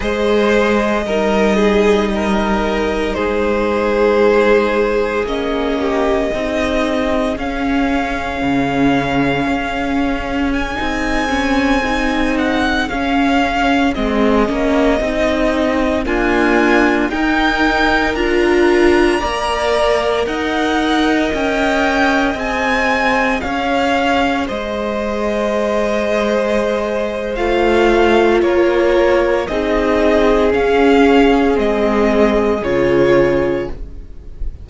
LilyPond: <<
  \new Staff \with { instrumentName = "violin" } { \time 4/4 \tempo 4 = 57 dis''2. c''4~ | c''4 dis''2 f''4~ | f''2 gis''4.~ gis''16 fis''16~ | fis''16 f''4 dis''2 gis''8.~ |
gis''16 g''4 ais''2 fis''8.~ | fis''16 g''4 gis''4 f''4 dis''8.~ | dis''2 f''4 cis''4 | dis''4 f''4 dis''4 cis''4 | }
  \new Staff \with { instrumentName = "violin" } { \time 4/4 c''4 ais'8 gis'8 ais'4 gis'4~ | gis'4. g'8 gis'2~ | gis'1~ | gis'2.~ gis'16 f'8.~ |
f'16 ais'2 d''4 dis''8.~ | dis''2~ dis''16 cis''4 c''8.~ | c''2. ais'4 | gis'1 | }
  \new Staff \with { instrumentName = "viola" } { \time 4/4 gis'4 dis'2.~ | dis'4 cis'4 dis'4 cis'4~ | cis'2~ cis'16 dis'8 cis'8 dis'8.~ | dis'16 cis'4 c'8 cis'8 dis'4 ais8.~ |
ais16 dis'4 f'4 ais'4.~ ais'16~ | ais'4~ ais'16 gis'2~ gis'8.~ | gis'2 f'2 | dis'4 cis'4 c'4 f'4 | }
  \new Staff \with { instrumentName = "cello" } { \time 4/4 gis4 g2 gis4~ | gis4 ais4 c'4 cis'4 | cis4 cis'4~ cis'16 c'4.~ c'16~ | c'16 cis'4 gis8 ais8 c'4 d'8.~ |
d'16 dis'4 d'4 ais4 dis'8.~ | dis'16 cis'4 c'4 cis'4 gis8.~ | gis2 a4 ais4 | c'4 cis'4 gis4 cis4 | }
>>